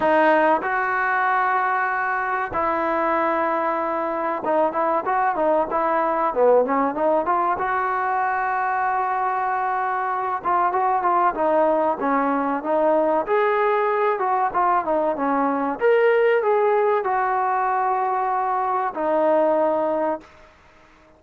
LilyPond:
\new Staff \with { instrumentName = "trombone" } { \time 4/4 \tempo 4 = 95 dis'4 fis'2. | e'2. dis'8 e'8 | fis'8 dis'8 e'4 b8 cis'8 dis'8 f'8 | fis'1~ |
fis'8 f'8 fis'8 f'8 dis'4 cis'4 | dis'4 gis'4. fis'8 f'8 dis'8 | cis'4 ais'4 gis'4 fis'4~ | fis'2 dis'2 | }